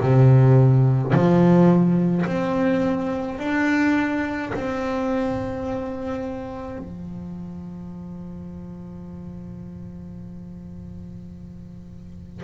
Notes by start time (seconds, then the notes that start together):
0.00 C3
1.13 F3
2.26 C4
3.39 D4
4.54 C4
6.79 F3